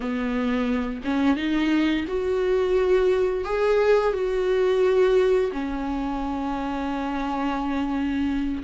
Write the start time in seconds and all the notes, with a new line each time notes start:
0.00 B3
1.04 C#4
1.36 D#4
2.07 F#4
3.44 G#4
4.13 F#4
5.52 C#4